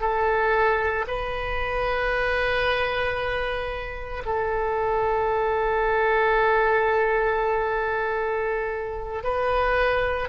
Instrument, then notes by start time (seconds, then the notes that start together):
oboe
0.00 A4
1.07 B4
4.25 A4
9.23 B4